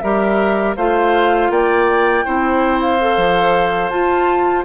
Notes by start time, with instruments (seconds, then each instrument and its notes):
0.00 bassoon G3, clarinet G4, oboe A#4, flute E5
0.77 bassoon A3, clarinet F4, oboe C5, flute F5
1.50 bassoon A#3, oboe D5, flute G5
2.24 bassoon C4, clarinet E4, oboe C5
2.81 flute F5
3.00 clarinet A4
3.17 bassoon F3
3.89 bassoon F4, clarinet F4, flute A5